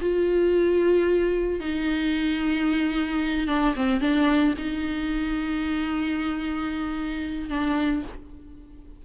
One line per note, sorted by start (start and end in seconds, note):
0.00 1.60 F4
1.60 3.47 D#4
3.47 3.74 D4
3.75 4.00 C4
4.00 4.54 D4
4.58 7.49 D#4
7.49 8.03 D4